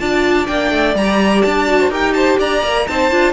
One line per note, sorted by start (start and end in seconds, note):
0.00 0.49 D4
0.00 0.47 F4
0.00 1.80 D5
0.00 0.47 A5
0.47 0.72 A#3
0.47 0.95 D4
0.47 0.95 G5
0.72 0.95 A3
0.95 1.43 G3
0.95 1.67 G4
0.95 1.43 A#5
1.43 1.89 D4
1.43 1.91 A5
1.67 1.91 F#4
1.80 1.90 C5
1.89 2.37 D#4
1.89 2.64 G4
1.89 2.14 A#4
1.89 2.14 G5
2.14 2.39 C5
2.14 2.38 A5
2.39 2.63 D4
2.39 2.87 D5
2.39 2.88 A#5
2.63 2.87 A#3
2.63 2.88 A#4
2.88 3.12 C4
2.88 3.12 D#4
2.88 3.33 C5
2.88 3.33 A5
3.12 3.33 D4
3.12 3.33 F4